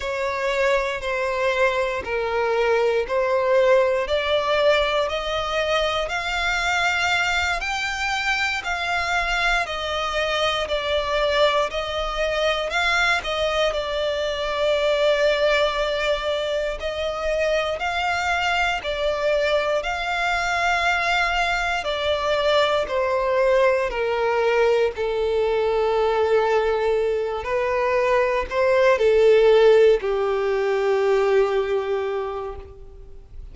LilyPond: \new Staff \with { instrumentName = "violin" } { \time 4/4 \tempo 4 = 59 cis''4 c''4 ais'4 c''4 | d''4 dis''4 f''4. g''8~ | g''8 f''4 dis''4 d''4 dis''8~ | dis''8 f''8 dis''8 d''2~ d''8~ |
d''8 dis''4 f''4 d''4 f''8~ | f''4. d''4 c''4 ais'8~ | ais'8 a'2~ a'8 b'4 | c''8 a'4 g'2~ g'8 | }